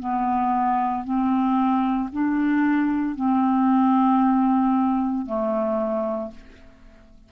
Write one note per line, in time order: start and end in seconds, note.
0.00 1.04 B3
1.04 2.10 C4
2.12 3.16 D4
3.16 5.26 C4
5.26 6.31 A3